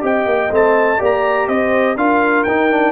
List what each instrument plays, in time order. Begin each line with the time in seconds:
0.00 tuba C4, trombone G4, horn D#5, trumpet G5
0.25 tuba A#3
0.51 tuba A3, trombone C4, trumpet A5
0.98 tuba A#3, trombone G4, horn D5
1.04 trumpet A#5
1.47 tuba C4, horn C5, trumpet D#5
1.96 tuba D4, trombone F4, horn A#4, trumpet F5
2.43 tuba D#4, trombone D#4, trumpet G5
2.71 trombone D4